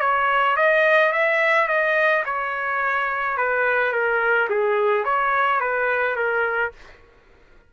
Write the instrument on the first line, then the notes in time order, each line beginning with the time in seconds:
trumpet
0.00 C#5
0.56 D#5
1.12 E5
1.67 D#5
2.25 C#5
3.37 B4
3.92 A#4
4.50 G#4
5.04 C#5
5.60 B4
6.16 A#4